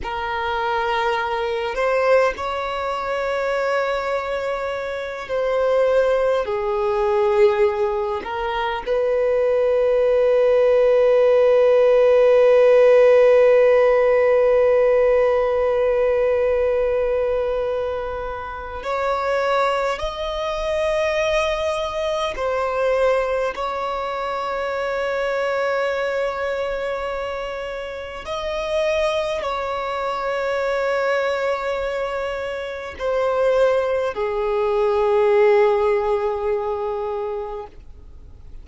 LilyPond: \new Staff \with { instrumentName = "violin" } { \time 4/4 \tempo 4 = 51 ais'4. c''8 cis''2~ | cis''8 c''4 gis'4. ais'8 b'8~ | b'1~ | b'1 |
cis''4 dis''2 c''4 | cis''1 | dis''4 cis''2. | c''4 gis'2. | }